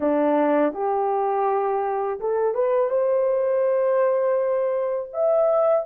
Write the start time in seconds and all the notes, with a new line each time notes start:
0.00 D4
0.73 G4
2.20 A4
2.54 B4
2.90 C5
5.13 E5